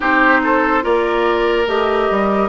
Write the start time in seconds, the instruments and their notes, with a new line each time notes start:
0.00 bassoon C4, clarinet D#4, oboe G4, flute C5
0.43 oboe A4
0.81 bassoon A#3, clarinet F4, oboe A#4, flute D5
1.67 bassoon A3, clarinet G4, flute D#5
2.10 bassoon G3